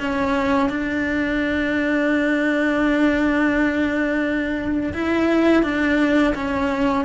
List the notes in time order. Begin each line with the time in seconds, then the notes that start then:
0.00 C#4
0.70 D4
4.94 E4
5.63 D4
6.35 C#4